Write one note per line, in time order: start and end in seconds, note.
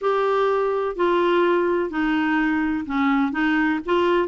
0.01 0.96 G4
0.96 1.90 F4
1.90 2.85 D#4
2.85 3.32 C#4
3.32 3.79 D#4
3.85 4.28 F4